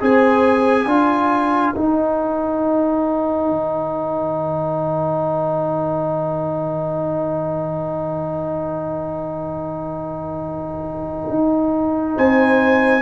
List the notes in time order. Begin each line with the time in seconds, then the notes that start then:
0.00 C4 G#4 C5 G#5
0.86 D4 F4 A#4
1.74 D#4 G5
3.49 D#3
11.30 D#4
12.16 C4 C5 G#5